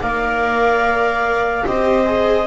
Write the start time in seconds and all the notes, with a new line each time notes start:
0.00 A#3 A#4 D5 F5
1.65 C4 G4 C5 D#5
2.06 G#4